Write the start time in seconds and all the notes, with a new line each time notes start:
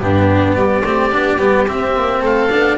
0.00 G2 B3 D4 G4
0.55 G3 G4 D5
0.85 A3 C4
1.11 B3 D4
1.38 G3 B3
1.68 C4 E5
1.95 A#3
2.21 A3 A4 F5
2.50 B3 D4